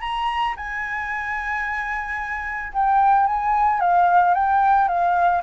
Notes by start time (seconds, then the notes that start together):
0.00 A#5
0.56 G#5
2.72 G5
3.26 G#5
3.80 F5
4.34 G5
4.88 F5